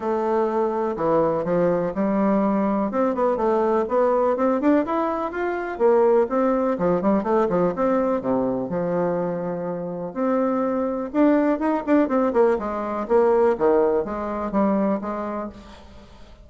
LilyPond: \new Staff \with { instrumentName = "bassoon" } { \time 4/4 \tempo 4 = 124 a2 e4 f4 | g2 c'8 b8 a4 | b4 c'8 d'8 e'4 f'4 | ais4 c'4 f8 g8 a8 f8 |
c'4 c4 f2~ | f4 c'2 d'4 | dis'8 d'8 c'8 ais8 gis4 ais4 | dis4 gis4 g4 gis4 | }